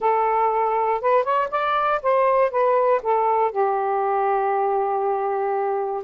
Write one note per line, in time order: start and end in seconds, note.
0.00 1.01 A4
1.01 1.23 B4
1.23 1.48 C#5
1.51 2.01 D5
2.02 2.50 C5
2.50 3.01 B4
3.03 3.51 A4
3.51 6.03 G4